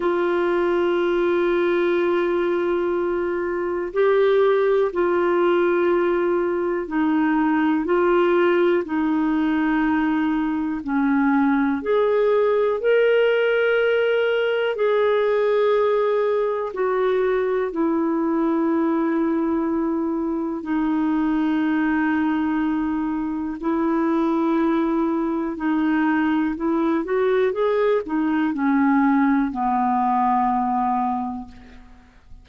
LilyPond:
\new Staff \with { instrumentName = "clarinet" } { \time 4/4 \tempo 4 = 61 f'1 | g'4 f'2 dis'4 | f'4 dis'2 cis'4 | gis'4 ais'2 gis'4~ |
gis'4 fis'4 e'2~ | e'4 dis'2. | e'2 dis'4 e'8 fis'8 | gis'8 dis'8 cis'4 b2 | }